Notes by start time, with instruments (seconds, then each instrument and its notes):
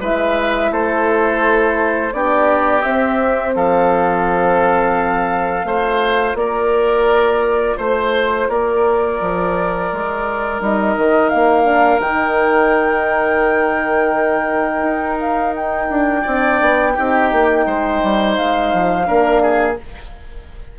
0.00 bassoon G#3, horn E4, oboe B4, flute E5
0.71 bassoon A3, oboe A4, flute C5
2.13 bassoon B3, horn D4, oboe G4, flute D5
2.82 horn C4, bassoon C4, flute E5
3.55 bassoon F3, oboe A4, flute F5
5.64 bassoon A3, horn F4, oboe C5
6.34 bassoon A#3, oboe A#4, flute D5
7.77 bassoon A3, oboe C5, flute C5
8.49 bassoon A#3, oboe A#4, flute D5
9.21 bassoon F3
9.92 bassoon G#3
10.60 bassoon G3, horn D#4, flute D#5
10.97 bassoon D#3
11.29 bassoon A#3, flute F5
11.64 horn D4
11.99 bassoon D#3, horn D#4, flute G5
14.82 bassoon D#4
15.19 flute F5
15.55 flute G5
15.90 bassoon D4
16.22 bassoon C4, horn D4, oboe D5
16.61 bassoon B3
16.94 bassoon C4, horn D#4, oboe G4
17.32 bassoon A#3
17.66 bassoon G#3, oboe C5
18.03 bassoon G3
18.35 bassoon G#3, flute F5
18.73 bassoon F3
19.06 bassoon A#3, horn D4, oboe A#4
19.42 oboe G#4